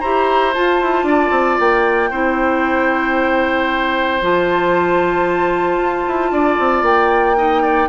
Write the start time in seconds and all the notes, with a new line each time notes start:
0.00 E4 G4 C5 A#5
0.54 F4 A5
0.81 E4
1.03 D4 D5
1.31 C4
1.59 A#3 G5
2.10 C4 E4 C5
4.21 F3 F4 A5
5.78 F4
6.07 E4
6.31 D4 D5
6.59 C4
6.82 A#3 G5
7.36 D#4 D#5
7.62 D5